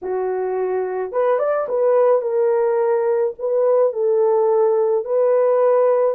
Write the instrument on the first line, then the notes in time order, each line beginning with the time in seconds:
horn
0.02 F#4
1.11 B4
1.38 D5
1.68 B4
2.21 A#4
3.38 B4
3.92 A4
5.05 B4